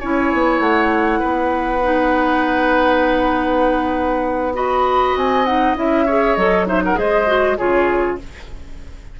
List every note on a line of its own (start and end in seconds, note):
0.00 0.33 C#4
0.00 1.83 E4
0.00 1.20 C#5
0.00 0.60 G#5
0.33 0.60 B3
0.60 1.20 A3
0.60 4.54 F#5
1.20 5.15 B3
1.20 4.53 B4
1.83 4.54 D#4
4.54 5.45 F#4
4.54 6.05 D#5
4.54 5.16 B5
5.15 5.76 C4
5.15 5.45 G#5
5.45 5.76 D#4
5.45 5.76 F#5
5.76 6.37 C#4
5.76 6.06 E4
5.76 6.35 E5
6.05 6.38 G#4
6.05 6.66 C#5
6.35 6.97 F#3
6.35 6.67 A4
6.35 6.66 D#5
6.67 6.95 D#4
6.67 6.83 C5
6.67 6.82 E5
6.84 6.99 A#4
6.84 6.98 F#5
6.95 7.58 G#3
6.95 7.25 G#4
6.95 7.58 C5
6.95 7.58 D#5
7.27 7.57 F#4
7.58 8.20 C#3
7.58 8.19 F4
7.58 8.19 G#4
7.58 8.18 C#5